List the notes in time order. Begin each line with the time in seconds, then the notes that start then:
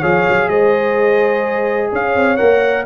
0.00 F3 G#4 C#5 F5
0.28 F#3
0.48 G#3 C5 D#5
1.92 C#4 C#5 F5
2.15 C4
2.36 A#3 A#4 F#5